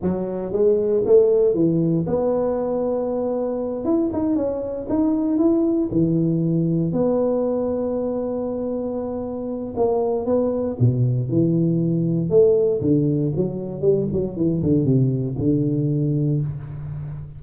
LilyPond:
\new Staff \with { instrumentName = "tuba" } { \time 4/4 \tempo 4 = 117 fis4 gis4 a4 e4 | b2.~ b8 e'8 | dis'8 cis'4 dis'4 e'4 e8~ | e4. b2~ b8~ |
b2. ais4 | b4 b,4 e2 | a4 d4 fis4 g8 fis8 | e8 d8 c4 d2 | }